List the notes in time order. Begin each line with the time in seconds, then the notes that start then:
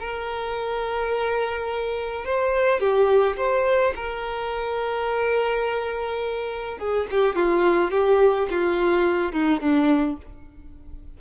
0.00 A#4
2.26 C5
2.80 G4
3.37 C5
3.96 A#4
6.79 G#4
7.11 G4
7.36 F4
7.91 G4
8.51 F4
9.33 D#4
9.61 D4